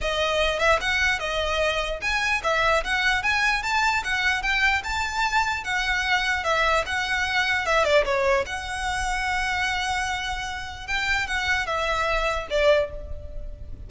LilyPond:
\new Staff \with { instrumentName = "violin" } { \time 4/4 \tempo 4 = 149 dis''4. e''8 fis''4 dis''4~ | dis''4 gis''4 e''4 fis''4 | gis''4 a''4 fis''4 g''4 | a''2 fis''2 |
e''4 fis''2 e''8 d''8 | cis''4 fis''2.~ | fis''2. g''4 | fis''4 e''2 d''4 | }